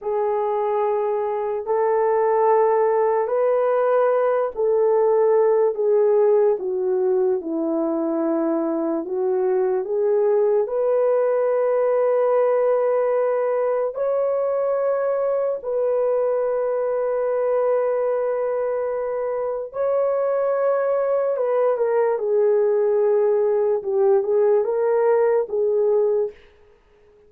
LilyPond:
\new Staff \with { instrumentName = "horn" } { \time 4/4 \tempo 4 = 73 gis'2 a'2 | b'4. a'4. gis'4 | fis'4 e'2 fis'4 | gis'4 b'2.~ |
b'4 cis''2 b'4~ | b'1 | cis''2 b'8 ais'8 gis'4~ | gis'4 g'8 gis'8 ais'4 gis'4 | }